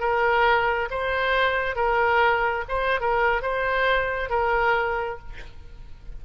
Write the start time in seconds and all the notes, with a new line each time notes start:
0.00 A#4
0.90 C5
1.76 A#4
2.68 C5
3.01 A#4
3.42 C5
4.30 A#4